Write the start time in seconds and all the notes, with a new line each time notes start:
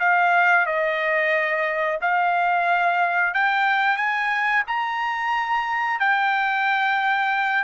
0.00 F5
0.66 D#5
2.02 F5
3.35 G5
3.97 G#5
4.68 A#5
6.00 G5